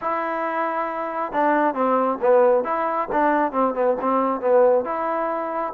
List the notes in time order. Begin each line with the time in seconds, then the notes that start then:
0.01 E4
1.32 D4
1.74 C4
2.21 B3
2.64 E4
3.12 D4
3.52 C4
3.74 B3
4.00 C4
4.40 B3
4.84 E4